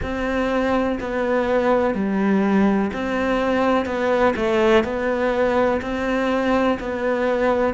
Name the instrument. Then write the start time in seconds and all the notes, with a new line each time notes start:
cello
0.02 C4
0.99 B3
1.94 G3
2.93 C4
3.85 B3
4.35 A3
4.83 B3
5.81 C4
6.79 B3